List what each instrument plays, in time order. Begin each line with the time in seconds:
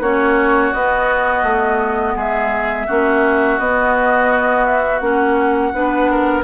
0.00 bassoon A#3, clarinet C#4, oboe F#4, flute C#5
0.73 bassoon B3, clarinet B3, flute D#5
1.43 bassoon A3
2.15 bassoon G#3, oboe G#4, flute E5
2.87 bassoon A#3, clarinet C#4, oboe F#4
3.58 bassoon B3, clarinet B3, flute D#5
4.65 flute E5
4.99 bassoon A#3, clarinet C#4, flute F#5
5.74 bassoon B3, clarinet D4, oboe B4
6.11 oboe A#4